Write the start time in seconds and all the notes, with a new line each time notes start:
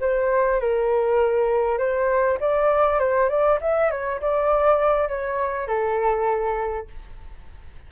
0.00 C5
0.60 A#4
1.78 C5
2.40 D5
2.99 C5
3.29 D5
3.61 E5
3.91 C#5
4.21 D5
5.08 C#5
5.68 A4